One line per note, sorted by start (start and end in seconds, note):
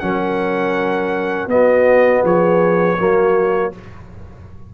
0.00 1.47 F#3
0.00 1.50 C#4
0.00 1.52 A#4
0.00 1.48 F#5
1.47 2.21 B3
1.47 2.98 B3
1.47 2.23 F#4
1.47 2.24 D#5
2.23 2.98 F3
2.23 2.97 G#4
2.23 3.74 C#5
2.98 3.74 F#3
2.98 3.72 A#3
2.98 3.73 F#4